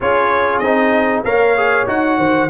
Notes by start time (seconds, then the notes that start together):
0.00 C#4 F4 G#4 C#5
0.58 C4 D#5
0.64 D#4
1.24 A#3 A#4 C#5 F5
1.56 G#4
1.86 D#4 F#4 F#5
2.17 D#3 C5